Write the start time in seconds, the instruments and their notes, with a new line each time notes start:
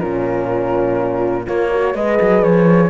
0.00 cello A#2, horn C#4 F4, flute A#4
1.45 cello A#3, horn F4 A#4, flute C#5
1.72 horn F#4
1.93 cello G#3, horn G#4 B4, flute D#5
2.21 cello F#3
2.42 cello F3, flute C#5